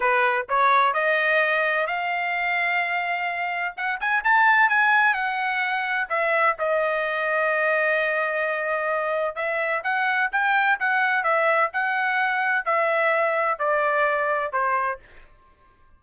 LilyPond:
\new Staff \with { instrumentName = "trumpet" } { \time 4/4 \tempo 4 = 128 b'4 cis''4 dis''2 | f''1 | fis''8 gis''8 a''4 gis''4 fis''4~ | fis''4 e''4 dis''2~ |
dis''1 | e''4 fis''4 g''4 fis''4 | e''4 fis''2 e''4~ | e''4 d''2 c''4 | }